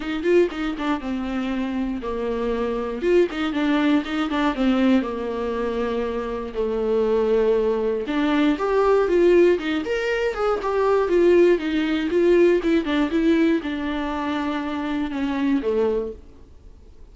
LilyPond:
\new Staff \with { instrumentName = "viola" } { \time 4/4 \tempo 4 = 119 dis'8 f'8 dis'8 d'8 c'2 | ais2 f'8 dis'8 d'4 | dis'8 d'8 c'4 ais2~ | ais4 a2. |
d'4 g'4 f'4 dis'8 ais'8~ | ais'8 gis'8 g'4 f'4 dis'4 | f'4 e'8 d'8 e'4 d'4~ | d'2 cis'4 a4 | }